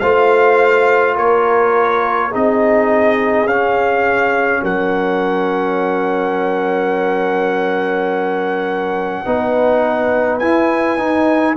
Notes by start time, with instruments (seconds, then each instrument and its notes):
0.00 tuba A3, trombone F4, horn C5, trumpet F5
1.16 tuba A#3, horn A#4, trumpet C#5
2.29 tuba C4, trombone D#4, horn G#4
2.35 trumpet D#5
3.45 tuba C#4, trombone C#4, trumpet F5
4.63 tuba F#3, horn A#4, trumpet F#5
9.25 tuba B3, trombone D#4, horn B4
10.39 tuba E4, trombone E4, trumpet G#5
10.98 tuba D#4, trombone D#4